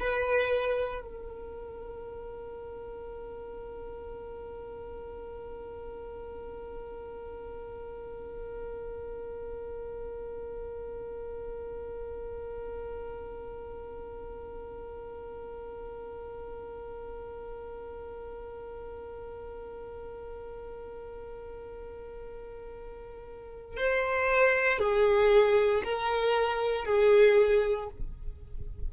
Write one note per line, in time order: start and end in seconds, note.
0.00 1.02 B4
1.02 23.77 A#4
23.77 24.79 C5
24.79 25.83 G#4
25.84 26.86 A#4
26.86 27.89 G#4